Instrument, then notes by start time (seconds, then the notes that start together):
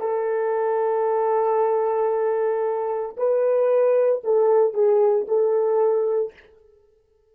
horn
0.00 A4
3.17 B4
4.23 A4
4.74 G#4
5.28 A4